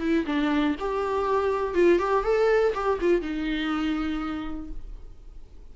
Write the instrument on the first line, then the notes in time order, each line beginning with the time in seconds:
viola
0.00 E4
0.26 D4
0.80 G4
1.75 F4
1.99 G4
2.24 A4
2.74 G4
3.01 F4
3.22 D#4